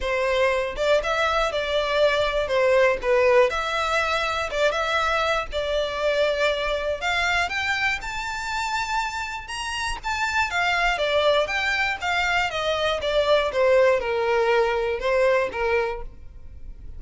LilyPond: \new Staff \with { instrumentName = "violin" } { \time 4/4 \tempo 4 = 120 c''4. d''8 e''4 d''4~ | d''4 c''4 b'4 e''4~ | e''4 d''8 e''4. d''4~ | d''2 f''4 g''4 |
a''2. ais''4 | a''4 f''4 d''4 g''4 | f''4 dis''4 d''4 c''4 | ais'2 c''4 ais'4 | }